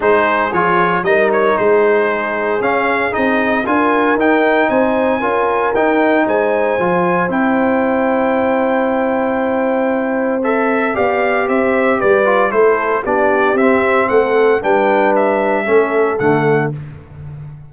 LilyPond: <<
  \new Staff \with { instrumentName = "trumpet" } { \time 4/4 \tempo 4 = 115 c''4 cis''4 dis''8 cis''8 c''4~ | c''4 f''4 dis''4 gis''4 | g''4 gis''2 g''4 | gis''2 g''2~ |
g''1 | e''4 f''4 e''4 d''4 | c''4 d''4 e''4 fis''4 | g''4 e''2 fis''4 | }
  \new Staff \with { instrumentName = "horn" } { \time 4/4 gis'2 ais'4 gis'4~ | gis'2. ais'4~ | ais'4 c''4 ais'2 | c''1~ |
c''1~ | c''4 d''4 c''4 b'4 | a'4 g'2 a'4 | b'2 a'2 | }
  \new Staff \with { instrumentName = "trombone" } { \time 4/4 dis'4 f'4 dis'2~ | dis'4 cis'4 dis'4 f'4 | dis'2 f'4 dis'4~ | dis'4 f'4 e'2~ |
e'1 | a'4 g'2~ g'8 f'8 | e'4 d'4 c'2 | d'2 cis'4 a4 | }
  \new Staff \with { instrumentName = "tuba" } { \time 4/4 gis4 f4 g4 gis4~ | gis4 cis'4 c'4 d'4 | dis'4 c'4 cis'4 dis'4 | gis4 f4 c'2~ |
c'1~ | c'4 b4 c'4 g4 | a4 b4 c'4 a4 | g2 a4 d4 | }
>>